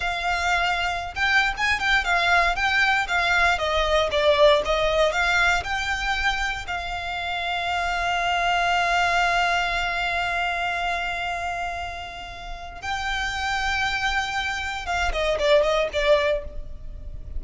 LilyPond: \new Staff \with { instrumentName = "violin" } { \time 4/4 \tempo 4 = 117 f''2~ f''16 g''8. gis''8 g''8 | f''4 g''4 f''4 dis''4 | d''4 dis''4 f''4 g''4~ | g''4 f''2.~ |
f''1~ | f''1~ | f''4 g''2.~ | g''4 f''8 dis''8 d''8 dis''8 d''4 | }